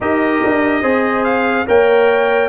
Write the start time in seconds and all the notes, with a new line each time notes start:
0.00 D#4 G4 A#4 D#5
0.44 D4
0.81 C4 G#4 C5
1.24 F5
1.66 A#3 A#4 C#5 G5